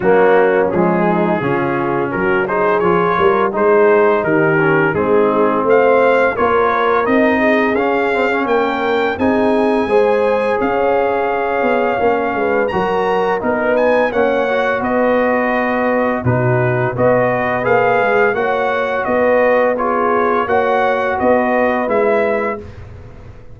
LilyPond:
<<
  \new Staff \with { instrumentName = "trumpet" } { \time 4/4 \tempo 4 = 85 fis'4 gis'2 ais'8 c''8 | cis''4 c''4 ais'4 gis'4 | f''4 cis''4 dis''4 f''4 | g''4 gis''2 f''4~ |
f''2 ais''4 ais'8 gis''8 | fis''4 dis''2 b'4 | dis''4 f''4 fis''4 dis''4 | cis''4 fis''4 dis''4 e''4 | }
  \new Staff \with { instrumentName = "horn" } { \time 4/4 cis'4. dis'8 f'4 fis'8 gis'8~ | gis'8 ais'8 gis'4 g'4 dis'4 | c''4 ais'4. gis'4. | ais'4 gis'4 c''4 cis''4~ |
cis''4. b'8 ais'4 b'4 | cis''4 b'2 fis'4 | b'2 cis''4 b'4 | gis'4 cis''4 b'2 | }
  \new Staff \with { instrumentName = "trombone" } { \time 4/4 ais4 gis4 cis'4. dis'8 | f'4 dis'4. cis'8 c'4~ | c'4 f'4 dis'4 cis'8 c'16 cis'16~ | cis'4 dis'4 gis'2~ |
gis'4 cis'4 fis'4 dis'4 | cis'8 fis'2~ fis'8 dis'4 | fis'4 gis'4 fis'2 | f'4 fis'2 e'4 | }
  \new Staff \with { instrumentName = "tuba" } { \time 4/4 fis4 f4 cis4 fis4 | f8 g8 gis4 dis4 gis4 | a4 ais4 c'4 cis'4 | ais4 c'4 gis4 cis'4~ |
cis'8 b8 ais8 gis8 fis4 b4 | ais4 b2 b,4 | b4 ais8 gis8 ais4 b4~ | b4 ais4 b4 gis4 | }
>>